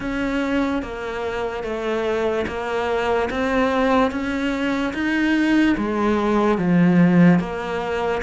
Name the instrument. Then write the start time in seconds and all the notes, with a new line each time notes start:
cello
0.00 C#4
0.82 A#3
1.63 A3
2.47 A#3
3.30 C4
4.11 C#4
4.93 D#4
5.77 G#3
6.58 F3
7.39 A#3